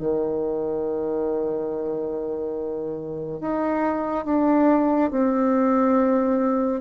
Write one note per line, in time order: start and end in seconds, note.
0.00 3.41 D#3
3.41 4.25 D#4
4.25 5.11 D4
5.11 6.81 C4